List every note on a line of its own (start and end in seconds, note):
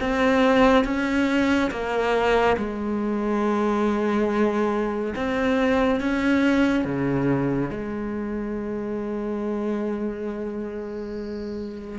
0.00 0.84 C4
0.84 1.70 C#4
1.70 2.56 A#3
2.57 5.14 G#3
5.15 6.00 C4
6.00 6.85 C#4
6.85 7.70 C#3
7.70 11.98 G#3